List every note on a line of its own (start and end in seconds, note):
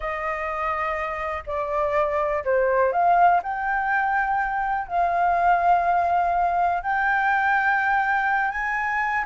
0.00 1.43 D#5
1.46 2.43 D5
2.44 2.92 C5
2.92 3.41 F5
3.43 4.87 G5
4.87 6.82 F5
6.82 8.51 G5
8.51 9.24 G#5